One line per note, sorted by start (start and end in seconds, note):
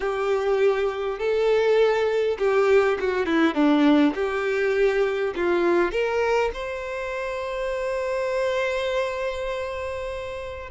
0.00 1.18 G4
1.18 2.37 A4
2.38 2.97 G4
3.00 3.25 F#4
3.25 3.54 E4
3.54 4.13 D4
4.14 5.33 G4
5.35 5.91 F4
5.91 6.50 A#4
6.53 10.69 C5